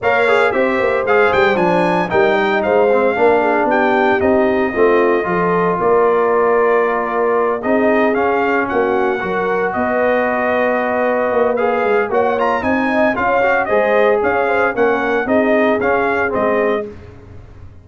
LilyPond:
<<
  \new Staff \with { instrumentName = "trumpet" } { \time 4/4 \tempo 4 = 114 f''4 e''4 f''8 g''8 gis''4 | g''4 f''2 g''4 | dis''2. d''4~ | d''2~ d''8 dis''4 f''8~ |
f''8 fis''2 dis''4.~ | dis''2 f''4 fis''8 ais''8 | gis''4 f''4 dis''4 f''4 | fis''4 dis''4 f''4 dis''4 | }
  \new Staff \with { instrumentName = "horn" } { \time 4/4 cis''4 c''2. | ais'8 dis''8 c''4 ais'8 gis'8 g'4~ | g'4 f'4 a'4 ais'4~ | ais'2~ ais'8 gis'4.~ |
gis'8 fis'4 ais'4 b'4.~ | b'2. cis''4 | dis''4 cis''4 c''4 cis''8 c''8 | ais'4 gis'2. | }
  \new Staff \with { instrumentName = "trombone" } { \time 4/4 ais'8 gis'8 g'4 gis'4 d'4 | dis'4. c'8 d'2 | dis'4 c'4 f'2~ | f'2~ f'8 dis'4 cis'8~ |
cis'4. fis'2~ fis'8~ | fis'2 gis'4 fis'8 f'8 | dis'4 f'8 fis'8 gis'2 | cis'4 dis'4 cis'4 c'4 | }
  \new Staff \with { instrumentName = "tuba" } { \time 4/4 ais4 c'8 ais8 gis8 g8 f4 | g4 gis4 ais4 b4 | c'4 a4 f4 ais4~ | ais2~ ais8 c'4 cis'8~ |
cis'8 ais4 fis4 b4.~ | b4. ais4 gis8 ais4 | c'4 cis'4 gis4 cis'4 | ais4 c'4 cis'4 gis4 | }
>>